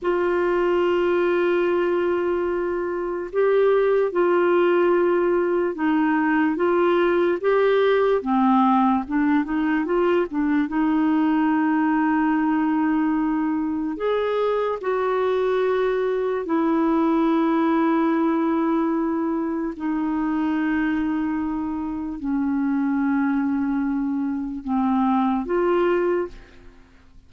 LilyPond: \new Staff \with { instrumentName = "clarinet" } { \time 4/4 \tempo 4 = 73 f'1 | g'4 f'2 dis'4 | f'4 g'4 c'4 d'8 dis'8 | f'8 d'8 dis'2.~ |
dis'4 gis'4 fis'2 | e'1 | dis'2. cis'4~ | cis'2 c'4 f'4 | }